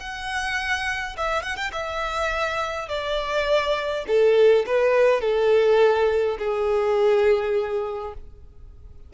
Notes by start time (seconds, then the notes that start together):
0.00 F#5
1.17 E5
1.43 F#5
1.56 G5
1.72 E5
2.89 D5
4.08 A4
4.67 B4
5.21 A4
6.39 G#4